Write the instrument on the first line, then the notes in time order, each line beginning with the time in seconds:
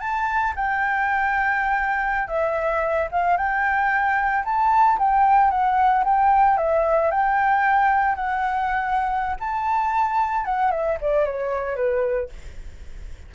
flute
0.00 A5
0.56 G5
2.28 E5
3.11 F5
3.37 G5
4.45 A5
4.98 G5
5.50 F#5
6.04 G5
6.57 E5
7.11 G5
8.15 F#5
9.40 A5
10.45 F#5
10.71 E5
11.01 D5
11.25 C#5
11.76 B4